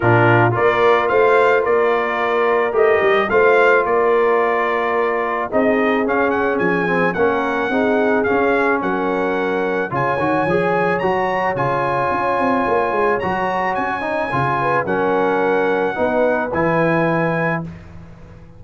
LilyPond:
<<
  \new Staff \with { instrumentName = "trumpet" } { \time 4/4 \tempo 4 = 109 ais'4 d''4 f''4 d''4~ | d''4 dis''4 f''4 d''4~ | d''2 dis''4 f''8 fis''8 | gis''4 fis''2 f''4 |
fis''2 gis''2 | ais''4 gis''2. | ais''4 gis''2 fis''4~ | fis''2 gis''2 | }
  \new Staff \with { instrumentName = "horn" } { \time 4/4 f'4 ais'4 c''4 ais'4~ | ais'2 c''4 ais'4~ | ais'2 gis'2~ | gis'4 ais'4 gis'2 |
ais'2 cis''2~ | cis''1~ | cis''2~ cis''8 b'8 ais'4~ | ais'4 b'2. | }
  \new Staff \with { instrumentName = "trombone" } { \time 4/4 d'4 f'2.~ | f'4 g'4 f'2~ | f'2 dis'4 cis'4~ | cis'8 c'8 cis'4 dis'4 cis'4~ |
cis'2 f'8 fis'8 gis'4 | fis'4 f'2. | fis'4. dis'8 f'4 cis'4~ | cis'4 dis'4 e'2 | }
  \new Staff \with { instrumentName = "tuba" } { \time 4/4 ais,4 ais4 a4 ais4~ | ais4 a8 g8 a4 ais4~ | ais2 c'4 cis'4 | f4 ais4 c'4 cis'4 |
fis2 cis8 dis8 f4 | fis4 cis4 cis'8 c'8 ais8 gis8 | fis4 cis'4 cis4 fis4~ | fis4 b4 e2 | }
>>